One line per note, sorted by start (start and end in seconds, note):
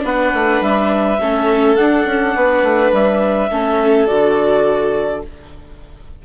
0.00 0.32 B3
0.00 1.15 D4
0.00 1.20 B4
0.00 0.63 F#5
0.34 0.61 A3
0.61 1.18 G3
0.61 1.75 E5
1.20 1.77 A3
1.20 1.76 C#4
1.20 2.36 A4
1.75 3.49 D4
1.75 2.05 D4
1.75 2.91 F#5
2.05 2.34 C#4
2.36 2.62 B3
2.36 3.49 B4
2.62 2.91 A3
2.92 3.50 G3
2.92 4.06 E5
3.49 4.08 A3
3.49 4.07 C#4
3.49 5.22 A4
4.06 5.25 D3
4.06 5.22 F#4
4.06 5.22 D5